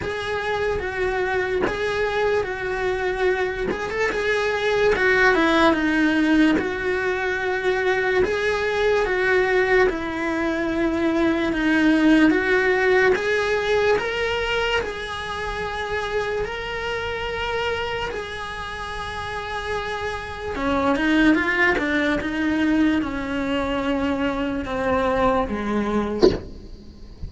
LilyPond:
\new Staff \with { instrumentName = "cello" } { \time 4/4 \tempo 4 = 73 gis'4 fis'4 gis'4 fis'4~ | fis'8 gis'16 a'16 gis'4 fis'8 e'8 dis'4 | fis'2 gis'4 fis'4 | e'2 dis'4 fis'4 |
gis'4 ais'4 gis'2 | ais'2 gis'2~ | gis'4 cis'8 dis'8 f'8 d'8 dis'4 | cis'2 c'4 gis4 | }